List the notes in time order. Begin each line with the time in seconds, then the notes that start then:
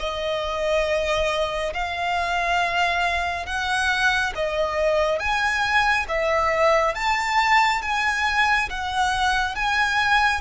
0.00 D#5
1.74 F5
3.46 F#5
4.36 D#5
5.20 G#5
6.09 E5
6.95 A5
7.83 G#5
8.70 F#5
9.56 G#5